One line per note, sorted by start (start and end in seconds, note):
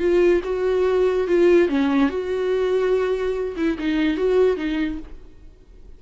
0.00 0.42 F4
0.44 1.28 F#4
1.28 1.69 F4
1.69 2.10 C#4
2.10 3.56 F#4
3.57 3.78 E4
3.79 4.17 D#4
4.17 4.57 F#4
4.57 4.99 D#4